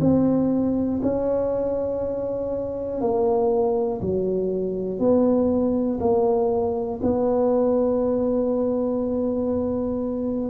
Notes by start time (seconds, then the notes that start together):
0.00 C4
1.02 C#4
3.00 A#3
4.00 F#3
4.99 B3
6.00 A#3
7.02 B3